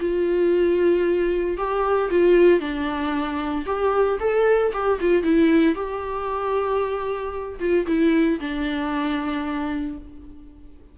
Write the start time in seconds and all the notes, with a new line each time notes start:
0.00 F4
1.57 G4
2.10 F4
2.60 D4
3.66 G4
4.20 A4
4.73 G4
5.01 F4
5.23 E4
5.75 G4
7.60 F4
7.87 E4
8.40 D4